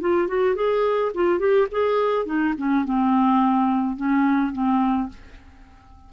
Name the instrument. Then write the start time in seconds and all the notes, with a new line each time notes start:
clarinet
0.00 F4
0.27 F#4
0.55 G#4
1.14 F4
1.39 G4
1.71 G#4
2.25 D#4
2.57 C#4
2.85 C4
3.96 C#4
4.52 C4